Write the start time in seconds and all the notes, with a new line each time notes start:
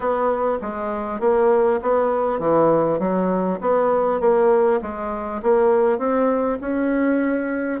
0.00 B3
0.61 G#3
1.20 A#3
1.82 B3
2.39 E3
2.99 F#3
3.60 B3
4.20 A#3
4.81 G#3
5.42 A#3
5.98 C4
6.60 C#4